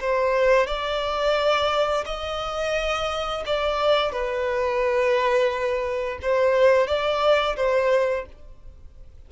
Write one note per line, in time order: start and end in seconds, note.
0.00 0.66 C5
0.66 2.04 D5
2.05 3.43 D#5
3.46 4.12 D5
4.12 6.18 B4
6.22 6.87 C5
6.87 7.56 D5
7.56 8.25 C5